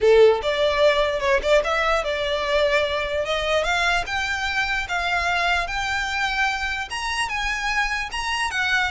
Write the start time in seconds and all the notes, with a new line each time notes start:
0.00 A4
0.42 D5
1.20 C#5
1.42 D5
1.64 E5
2.04 D5
3.25 D#5
3.64 F5
4.06 G5
4.88 F5
5.67 G5
6.90 A#5
7.28 G#5
8.11 A#5
8.50 F#5